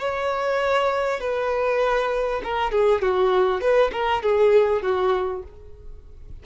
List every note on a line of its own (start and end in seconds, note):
0.00 1.21 C#5
1.21 2.42 B4
2.44 2.72 A#4
2.72 3.02 G#4
3.02 3.61 F#4
3.61 3.91 B4
3.93 4.23 A#4
4.23 4.83 G#4
4.83 5.43 F#4